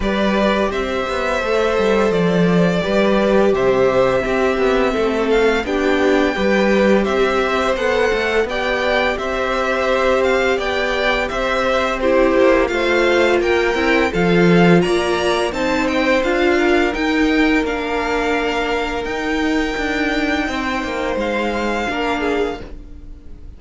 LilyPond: <<
  \new Staff \with { instrumentName = "violin" } { \time 4/4 \tempo 4 = 85 d''4 e''2 d''4~ | d''4 e''2~ e''8 f''8 | g''2 e''4 fis''4 | g''4 e''4. f''8 g''4 |
e''4 c''4 f''4 g''4 | f''4 ais''4 a''8 g''8 f''4 | g''4 f''2 g''4~ | g''2 f''2 | }
  \new Staff \with { instrumentName = "violin" } { \time 4/4 b'4 c''2. | b'4 c''4 g'4 a'4 | g'4 b'4 c''2 | d''4 c''2 d''4 |
c''4 g'4 c''4 ais'4 | a'4 d''4 c''4. ais'8~ | ais'1~ | ais'4 c''2 ais'8 gis'8 | }
  \new Staff \with { instrumentName = "viola" } { \time 4/4 g'2 a'2 | g'2 c'2 | d'4 g'2 a'4 | g'1~ |
g'4 e'4 f'4. e'8 | f'2 dis'4 f'4 | dis'4 d'2 dis'4~ | dis'2. d'4 | }
  \new Staff \with { instrumentName = "cello" } { \time 4/4 g4 c'8 b8 a8 g8 f4 | g4 c4 c'8 b8 a4 | b4 g4 c'4 b8 a8 | b4 c'2 b4 |
c'4. ais8 a4 ais8 c'8 | f4 ais4 c'4 d'4 | dis'4 ais2 dis'4 | d'4 c'8 ais8 gis4 ais4 | }
>>